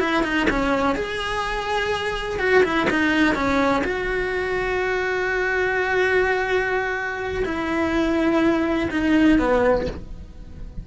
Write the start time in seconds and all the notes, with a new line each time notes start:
0.00 E4
0.23 D#4
0.50 C#4
0.96 G#4
2.39 F#4
2.64 E4
2.90 D#4
3.35 C#4
3.84 F#4
7.45 E4
8.91 D#4
9.39 B3